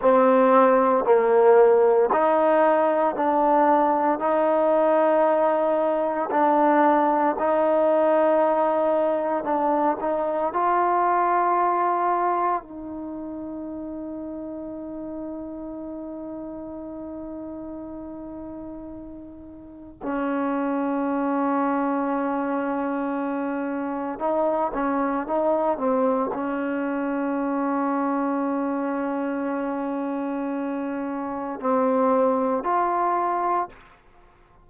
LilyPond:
\new Staff \with { instrumentName = "trombone" } { \time 4/4 \tempo 4 = 57 c'4 ais4 dis'4 d'4 | dis'2 d'4 dis'4~ | dis'4 d'8 dis'8 f'2 | dis'1~ |
dis'2. cis'4~ | cis'2. dis'8 cis'8 | dis'8 c'8 cis'2.~ | cis'2 c'4 f'4 | }